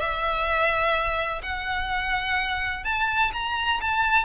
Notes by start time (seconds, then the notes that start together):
0.00 E5
1.43 F#5
2.85 A5
3.33 A#5
3.81 A5